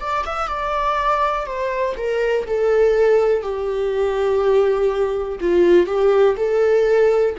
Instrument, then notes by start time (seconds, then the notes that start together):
viola
0.00 D5
0.26 E5
0.48 D5
1.47 C5
1.97 A#4
2.47 A4
3.42 G4
5.41 F4
5.87 G4
6.37 A4